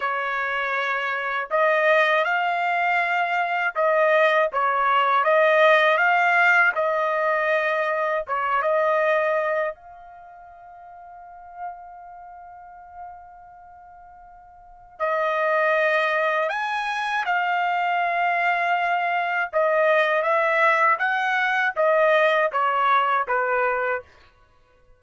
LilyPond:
\new Staff \with { instrumentName = "trumpet" } { \time 4/4 \tempo 4 = 80 cis''2 dis''4 f''4~ | f''4 dis''4 cis''4 dis''4 | f''4 dis''2 cis''8 dis''8~ | dis''4 f''2.~ |
f''1 | dis''2 gis''4 f''4~ | f''2 dis''4 e''4 | fis''4 dis''4 cis''4 b'4 | }